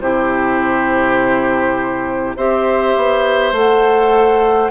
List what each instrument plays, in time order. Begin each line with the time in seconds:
0.00 bassoon C3, clarinet E4, oboe G4, flute C5
2.36 bassoon C4, clarinet G4, oboe C5, flute E5
2.96 bassoon B3
3.52 bassoon A3, clarinet A4, flute F#5